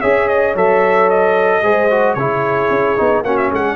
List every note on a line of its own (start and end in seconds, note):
0.00 0.55 C#4
0.00 0.56 G#4
0.00 1.62 C#5
0.00 0.28 E5
0.28 0.55 D#5
0.55 1.63 F#3
0.55 1.63 A4
0.55 1.09 E5
1.09 2.14 D#5
1.63 2.16 G#3
1.63 1.90 G#4
1.63 2.17 C5
1.90 2.17 F#4
2.14 2.70 C#3
2.14 2.97 E4
2.14 3.26 G#4
2.14 3.22 C#5
2.70 2.97 C#4
2.97 3.24 B3
2.97 3.24 D#4
3.24 3.51 A#3
3.24 3.76 C#4
3.24 3.53 F#4
3.24 3.37 F#5
3.37 3.51 E5
3.52 3.76 G#3
3.52 3.76 G#4
3.52 3.76 F#5